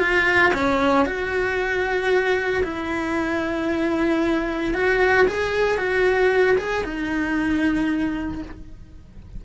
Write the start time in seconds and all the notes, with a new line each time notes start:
0.00 F4
0.54 C#4
1.06 F#4
2.64 E4
4.75 F#4
5.28 G#4
5.78 F#4
6.58 G#4
6.85 D#4